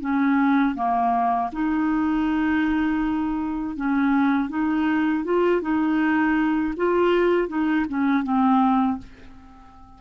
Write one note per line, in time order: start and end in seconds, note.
0.00 0.75 C#4
0.75 1.50 A#3
1.52 3.76 D#4
3.76 4.49 C#4
4.49 5.24 D#4
5.24 5.61 F4
5.61 6.74 D#4
6.76 7.48 F4
7.48 7.85 D#4
7.88 8.23 C#4
8.23 8.98 C4